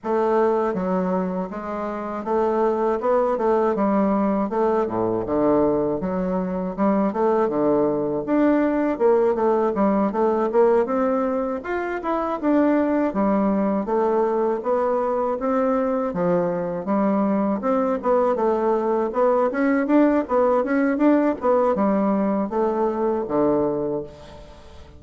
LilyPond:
\new Staff \with { instrumentName = "bassoon" } { \time 4/4 \tempo 4 = 80 a4 fis4 gis4 a4 | b8 a8 g4 a8 a,8 d4 | fis4 g8 a8 d4 d'4 | ais8 a8 g8 a8 ais8 c'4 f'8 |
e'8 d'4 g4 a4 b8~ | b8 c'4 f4 g4 c'8 | b8 a4 b8 cis'8 d'8 b8 cis'8 | d'8 b8 g4 a4 d4 | }